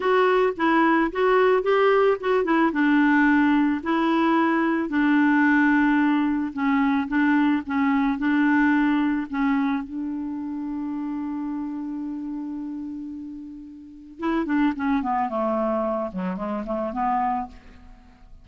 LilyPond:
\new Staff \with { instrumentName = "clarinet" } { \time 4/4 \tempo 4 = 110 fis'4 e'4 fis'4 g'4 | fis'8 e'8 d'2 e'4~ | e'4 d'2. | cis'4 d'4 cis'4 d'4~ |
d'4 cis'4 d'2~ | d'1~ | d'2 e'8 d'8 cis'8 b8 | a4. fis8 gis8 a8 b4 | }